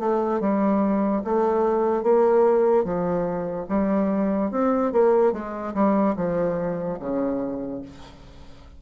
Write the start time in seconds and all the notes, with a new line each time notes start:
0.00 A3
0.41 G3
1.25 A3
2.04 A#3
2.85 F3
3.69 G3
4.52 C4
4.93 A#3
5.33 G#3
5.75 G3
6.17 F3
7.00 C#3